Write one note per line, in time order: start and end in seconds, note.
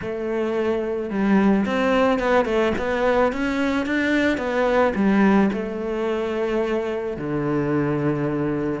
0.01 1.10 A3
1.10 1.65 G3
1.65 2.19 C4
2.19 2.45 B3
2.45 2.72 A3
2.77 3.32 B3
3.32 3.85 C#4
3.85 4.37 D4
4.37 4.92 B3
4.95 5.50 G3
5.52 7.17 A3
7.17 8.80 D3